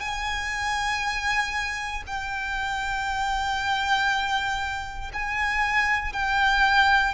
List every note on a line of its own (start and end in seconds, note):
0.00 2.03 G#5
2.07 5.12 G5
5.14 6.13 G#5
6.13 7.15 G5